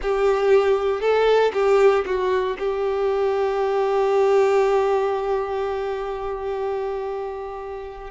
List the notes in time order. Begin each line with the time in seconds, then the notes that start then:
0.02 G4
1.00 A4
1.53 G4
2.05 F#4
2.59 G4